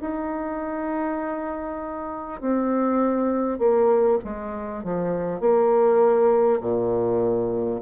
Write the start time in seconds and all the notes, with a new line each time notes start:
0.00 D#4
2.40 C4
3.58 A#3
4.24 G#3
4.83 F3
5.40 A#3
6.61 A#2